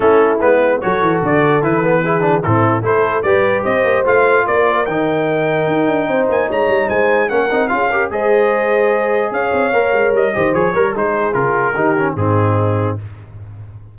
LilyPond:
<<
  \new Staff \with { instrumentName = "trumpet" } { \time 4/4 \tempo 4 = 148 a'4 b'4 cis''4 d''4 | b'2 a'4 c''4 | d''4 dis''4 f''4 d''4 | g''2.~ g''8 gis''8 |
ais''4 gis''4 fis''4 f''4 | dis''2. f''4~ | f''4 dis''4 cis''4 c''4 | ais'2 gis'2 | }
  \new Staff \with { instrumentName = "horn" } { \time 4/4 e'2 a'2~ | a'4 gis'4 e'4 a'4 | b'4 c''2 ais'4~ | ais'2. c''4 |
cis''4 c''4 ais'4 gis'8 ais'8 | c''2. cis''4~ | cis''4. c''4 ais'8 gis'4~ | gis'4 g'4 dis'2 | }
  \new Staff \with { instrumentName = "trombone" } { \time 4/4 cis'4 b4 fis'2 | e'8 b8 e'8 d'8 c'4 e'4 | g'2 f'2 | dis'1~ |
dis'2 cis'8 dis'8 f'8 g'8 | gis'1 | ais'4. g'8 gis'8 ais'8 dis'4 | f'4 dis'8 cis'8 c'2 | }
  \new Staff \with { instrumentName = "tuba" } { \time 4/4 a4 gis4 fis8 e8 d4 | e2 a,4 a4 | g4 c'8 ais8 a4 ais4 | dis2 dis'8 d'8 c'8 ais8 |
gis8 g8 gis4 ais8 c'8 cis'4 | gis2. cis'8 c'8 | ais8 gis8 g8 dis8 f8 g8 gis4 | cis4 dis4 gis,2 | }
>>